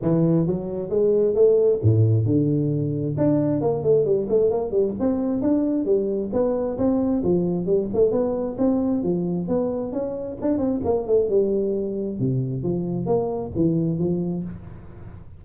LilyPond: \new Staff \with { instrumentName = "tuba" } { \time 4/4 \tempo 4 = 133 e4 fis4 gis4 a4 | a,4 d2 d'4 | ais8 a8 g8 a8 ais8 g8 c'4 | d'4 g4 b4 c'4 |
f4 g8 a8 b4 c'4 | f4 b4 cis'4 d'8 c'8 | ais8 a8 g2 c4 | f4 ais4 e4 f4 | }